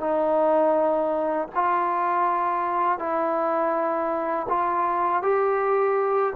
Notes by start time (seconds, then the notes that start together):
0.00 D#4
1.55 F4
2.99 E4
4.49 F4
5.22 G4